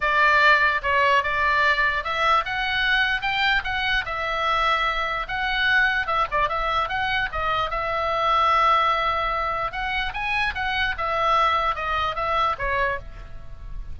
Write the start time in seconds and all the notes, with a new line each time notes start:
0.00 D5
0.82 C#5
1.23 D5
2.03 E5
2.45 F#5
3.21 G5
3.64 F#5
4.05 E5
5.28 F#5
6.06 E5
6.31 D5
6.48 E5
6.88 F#5
7.32 D#5
7.70 E5
9.72 F#5
10.13 G#5
10.54 F#5
10.97 E5
11.75 D#5
12.15 E5
12.58 C#5